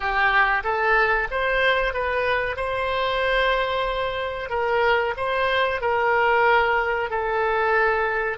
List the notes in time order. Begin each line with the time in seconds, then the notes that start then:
0.00 G4
0.63 A4
1.30 C5
1.93 B4
2.56 C5
4.49 A#4
5.16 C5
5.81 A#4
7.10 A4